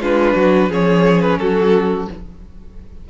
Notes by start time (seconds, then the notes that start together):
0.00 G#3 D4 F4 B4
0.36 F#3 F#4
0.69 F3 C#4 G#4 C#5
1.22 B4
1.39 F#3 F#4 A4